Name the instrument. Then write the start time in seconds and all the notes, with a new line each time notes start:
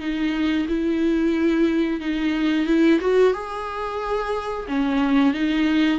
viola
0.00 D#4
0.68 E4
2.01 D#4
2.67 E4
3.01 F#4
3.33 G#4
4.68 C#4
5.34 D#4